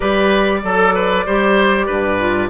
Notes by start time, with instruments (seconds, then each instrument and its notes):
0.00 bassoon G3, clarinet G4, oboe B4, flute D5
0.63 bassoon F#3, oboe A4, clarinet A4
0.94 oboe B4
1.26 bassoon G3, clarinet G4, oboe C5
1.86 bassoon G2, oboe B4
2.18 clarinet F4